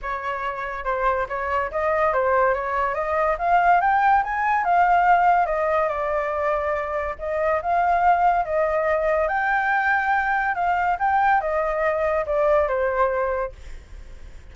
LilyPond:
\new Staff \with { instrumentName = "flute" } { \time 4/4 \tempo 4 = 142 cis''2 c''4 cis''4 | dis''4 c''4 cis''4 dis''4 | f''4 g''4 gis''4 f''4~ | f''4 dis''4 d''2~ |
d''4 dis''4 f''2 | dis''2 g''2~ | g''4 f''4 g''4 dis''4~ | dis''4 d''4 c''2 | }